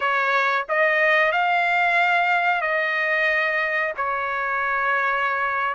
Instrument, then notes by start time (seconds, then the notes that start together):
trumpet
0.00 C#5
0.69 D#5
1.32 F5
2.61 D#5
3.97 C#5